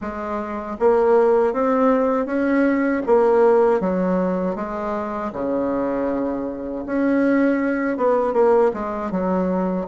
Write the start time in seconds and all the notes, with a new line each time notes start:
0.01 G#3
0.79 A#3
1.53 C4
2.25 C#4
3.06 A#3
3.80 F#3
4.55 G#3
5.32 C#3
6.86 C#4
7.97 B3
8.33 A#3
8.73 G#3
9.11 F#3